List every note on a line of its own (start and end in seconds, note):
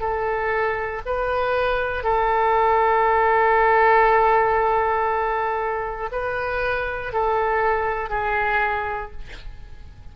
0.00 1.02 A4
1.06 2.03 B4
2.03 6.10 A4
6.12 7.13 B4
7.13 8.10 A4
8.10 9.12 G#4